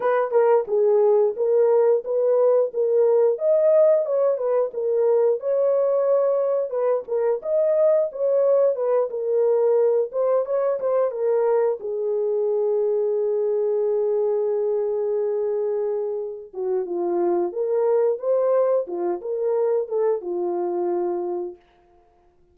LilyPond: \new Staff \with { instrumentName = "horn" } { \time 4/4 \tempo 4 = 89 b'8 ais'8 gis'4 ais'4 b'4 | ais'4 dis''4 cis''8 b'8 ais'4 | cis''2 b'8 ais'8 dis''4 | cis''4 b'8 ais'4. c''8 cis''8 |
c''8 ais'4 gis'2~ gis'8~ | gis'1~ | gis'8 fis'8 f'4 ais'4 c''4 | f'8 ais'4 a'8 f'2 | }